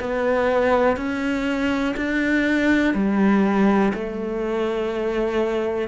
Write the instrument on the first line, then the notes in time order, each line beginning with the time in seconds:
cello
0.00 B3
0.97 C#4
1.97 D4
2.95 G3
3.94 A3